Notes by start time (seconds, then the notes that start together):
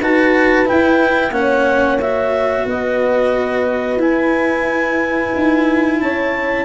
0.00 D#4 F#4 B4 A5
0.65 E4 G5
1.31 A#3 C#4 C#5 F#5
2.01 F#4 E5
2.66 B3 B4 D#5
3.97 E4 G#5
5.35 D#4
6.01 C#4 C#5 A5